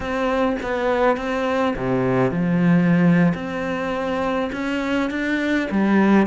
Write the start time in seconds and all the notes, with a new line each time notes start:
0.00 C4
0.62 B3
1.16 C4
1.76 C3
2.31 F3
3.34 C4
4.52 C#4
5.10 D4
5.70 G3